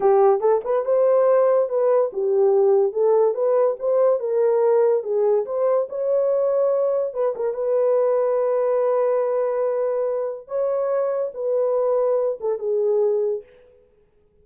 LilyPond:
\new Staff \with { instrumentName = "horn" } { \time 4/4 \tempo 4 = 143 g'4 a'8 b'8 c''2 | b'4 g'2 a'4 | b'4 c''4 ais'2 | gis'4 c''4 cis''2~ |
cis''4 b'8 ais'8 b'2~ | b'1~ | b'4 cis''2 b'4~ | b'4. a'8 gis'2 | }